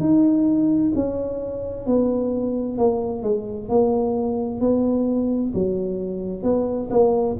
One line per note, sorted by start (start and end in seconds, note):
0.00 0.92 D#4
0.95 1.86 C#4
1.86 2.78 B3
2.78 3.23 A#3
3.23 3.69 G#3
3.69 4.60 A#3
4.60 5.52 B3
5.54 6.43 F#3
6.43 6.89 B3
6.90 7.36 A#3